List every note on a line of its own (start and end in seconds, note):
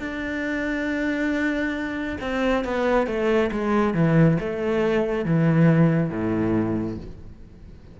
0.00 2.17 D4
2.21 2.64 C4
2.64 3.07 B3
3.07 3.51 A3
3.52 3.94 G#3
3.94 4.38 E3
4.40 5.25 A3
5.25 6.10 E3
6.10 6.97 A2